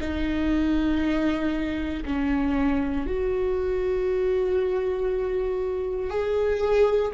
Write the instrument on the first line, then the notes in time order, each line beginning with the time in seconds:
viola
0.00 D#4
2.05 C#4
3.06 F#4
6.10 G#4